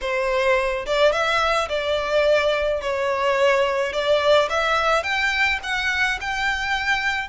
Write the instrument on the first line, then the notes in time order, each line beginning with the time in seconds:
violin
0.01 C5
0.86 D5
1.12 E5
1.68 D5
2.81 C#5
3.93 D5
4.49 E5
5.03 G5
5.63 F#5
6.20 G5